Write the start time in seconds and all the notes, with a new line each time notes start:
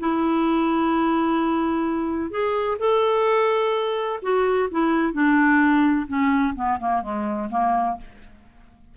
0.00 E4
2.31 G#4
2.79 A4
4.22 F#4
4.71 E4
5.13 D4
6.07 C#4
6.56 B3
6.80 A#3
7.02 G#3
7.50 A#3